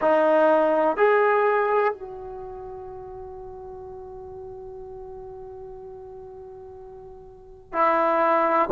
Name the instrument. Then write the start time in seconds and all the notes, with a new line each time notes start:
trombone
0.01 D#4
0.96 G#4
1.94 F#4
7.72 E4